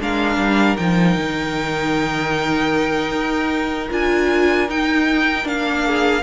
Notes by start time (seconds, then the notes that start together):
0.00 G#3 D4 A#4 F5
0.37 G3
0.76 F3 D#4 G5
1.16 D#3
3.11 D#4
3.90 D4 F4 G#5
4.68 D#4 G5
5.43 A#3 D4 F5
5.85 G#4